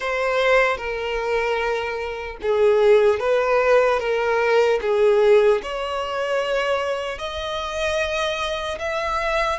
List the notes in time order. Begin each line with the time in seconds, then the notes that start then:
0.00 C5
0.77 A#4
2.42 G#4
3.19 B4
3.99 A#4
4.81 G#4
5.63 C#5
7.18 D#5
8.79 E5